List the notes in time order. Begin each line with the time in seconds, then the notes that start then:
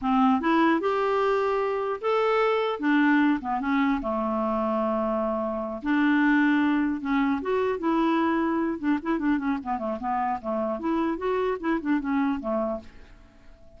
0.01 C4
0.40 E4
0.80 G4
2.01 A4
2.79 D4
3.40 B3
3.60 C#4
4.01 A3
5.82 D4
7.00 C#4
7.41 F#4
7.78 E4
8.79 D4
9.02 E4
9.19 D4
9.38 C#4
9.63 B3
9.78 A3
9.99 B3
10.41 A3
10.79 E4
11.17 F#4
11.60 E4
11.80 D4
12.00 C#4
12.40 A3